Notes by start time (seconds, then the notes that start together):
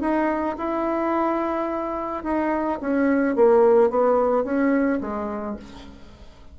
0.00 D#4
0.57 E4
2.23 D#4
2.81 C#4
3.35 A#3
3.89 B3
4.44 C#4
5.01 G#3